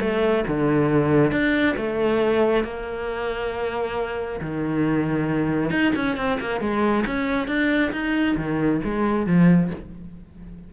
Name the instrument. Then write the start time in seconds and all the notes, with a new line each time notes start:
cello
0.00 A3
0.47 D3
1.31 D4
1.76 A3
2.64 A#3
4.40 D#3
5.70 D#4
5.95 C#4
6.16 C4
6.40 A#3
6.60 G#3
7.06 C#4
7.47 D4
7.92 D#4
8.36 D#3
8.84 G#3
9.26 F3